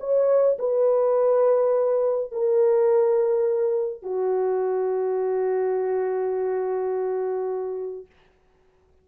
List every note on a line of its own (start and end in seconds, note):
0.00 0.58 C#5
0.58 2.31 B4
2.31 4.02 A#4
4.02 8.06 F#4